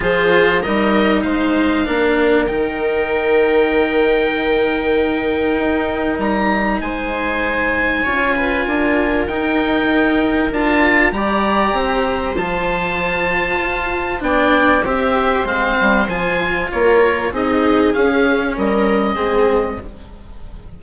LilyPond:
<<
  \new Staff \with { instrumentName = "oboe" } { \time 4/4 \tempo 4 = 97 c''4 dis''4 f''2 | g''1~ | g''2 ais''4 gis''4~ | gis''2. g''4~ |
g''4 a''4 ais''2 | a''2. g''4 | e''4 f''4 gis''4 cis''4 | dis''4 f''4 dis''2 | }
  \new Staff \with { instrumentName = "viola" } { \time 4/4 gis'4 ais'4 c''4 ais'4~ | ais'1~ | ais'2. c''4~ | c''4 cis''8 b'8 ais'2~ |
ais'2 d''4 c''4~ | c''2. d''4 | c''2. ais'4 | gis'2 ais'4 gis'4 | }
  \new Staff \with { instrumentName = "cello" } { \time 4/4 f'4 dis'2 d'4 | dis'1~ | dis'1~ | dis'4 f'2 dis'4~ |
dis'4 f'4 g'2 | f'2. d'4 | g'4 c'4 f'2 | dis'4 cis'2 c'4 | }
  \new Staff \with { instrumentName = "bassoon" } { \time 4/4 f4 g4 gis4 ais4 | dis1~ | dis4 dis'4 g4 gis4~ | gis4 cis'4 d'4 dis'4~ |
dis'4 d'4 g4 c'4 | f2 f'4 b4 | c'4 gis8 g8 f4 ais4 | c'4 cis'4 g4 gis4 | }
>>